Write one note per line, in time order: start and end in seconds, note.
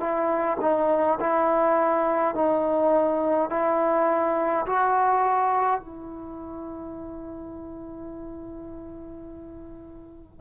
0.00 0.58 E4
0.61 1.19 D#4
1.20 2.35 E4
2.35 3.50 D#4
3.50 4.66 E4
4.66 5.80 F#4
5.80 10.41 E4